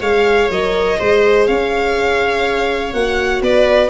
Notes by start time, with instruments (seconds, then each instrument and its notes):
0.00 tuba G#3, horn G#4, viola C#5, violin F5
0.50 tuba F#3, horn A#4, violin D#5
0.98 tuba G#3, horn G#4, viola C5
1.46 tuba C#4, viola C#5, violin F5
2.93 tuba A#3, horn F#4, violin F#5
3.41 tuba B3, viola B4, violin D5